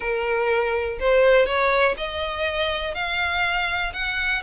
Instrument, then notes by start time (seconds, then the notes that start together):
violin
0.00 A#4
0.99 C5
1.46 C#5
1.97 D#5
2.94 F5
3.93 F#5